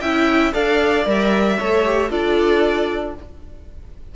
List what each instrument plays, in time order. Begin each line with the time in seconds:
0.00 cello C#4, viola E4, violin E5 G5
0.53 cello D4, viola A4, violin D5 F5
1.05 cello G3, viola A#4, violin E5
1.58 cello A3, viola A4, violin C#5
1.85 viola G4
2.10 cello D4, viola F4, violin A4 D5